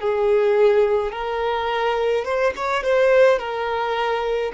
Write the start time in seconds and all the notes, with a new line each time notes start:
0.00 G#4
1.12 A#4
2.25 C5
2.56 C#5
2.83 C5
3.39 A#4